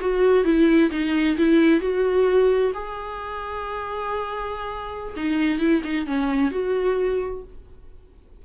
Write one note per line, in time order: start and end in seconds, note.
0.00 0.44 F#4
0.44 0.90 E4
0.91 1.36 D#4
1.37 1.80 E4
1.80 2.72 F#4
2.74 5.14 G#4
5.16 5.59 D#4
5.59 5.82 E4
5.84 6.06 D#4
6.06 6.51 C#4
6.51 7.43 F#4